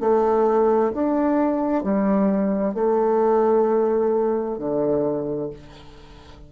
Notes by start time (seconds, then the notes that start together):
0.00 A3
0.93 D4
1.83 G3
2.74 A3
4.58 D3